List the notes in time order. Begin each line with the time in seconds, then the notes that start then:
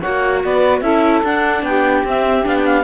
0.00 A#3 F#4 C#5 F#5
0.43 B3 B4 D5
0.81 C#4 E4 A4 E5
1.24 D4 F#5
1.62 B3 G4 G5
2.04 C4 E5
2.43 B3 D4 F5
2.58 G5
2.66 F5